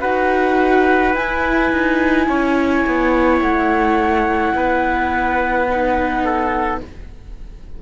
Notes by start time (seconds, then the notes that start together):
0.00 D#4 F#4 B4 F#5
1.14 E4 G#5
1.71 D#4
2.28 C#4 C#5
2.86 B3
3.40 A3 F#5
4.54 B3 B4
5.68 D#4
6.24 A4